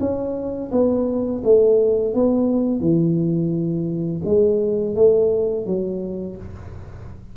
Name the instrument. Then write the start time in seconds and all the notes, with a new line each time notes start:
tuba
0.00 C#4
0.72 B3
1.44 A3
2.14 B3
2.80 E3
4.25 G#3
4.95 A3
5.66 F#3